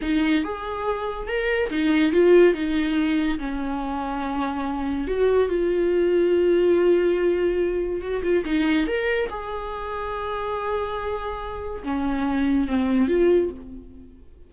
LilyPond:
\new Staff \with { instrumentName = "viola" } { \time 4/4 \tempo 4 = 142 dis'4 gis'2 ais'4 | dis'4 f'4 dis'2 | cis'1 | fis'4 f'2.~ |
f'2. fis'8 f'8 | dis'4 ais'4 gis'2~ | gis'1 | cis'2 c'4 f'4 | }